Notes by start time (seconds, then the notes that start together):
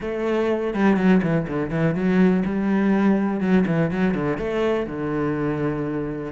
0.00 A3
0.74 G3
0.96 F#3
1.22 E3
1.47 D3
1.70 E3
1.94 F#3
2.45 G3
3.40 F#3
3.66 E3
3.90 F#3
4.14 D3
4.37 A3
4.86 D3